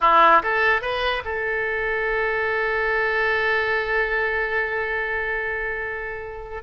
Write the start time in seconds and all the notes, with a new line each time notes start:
0.00 E4
0.42 A4
0.81 B4
1.25 A4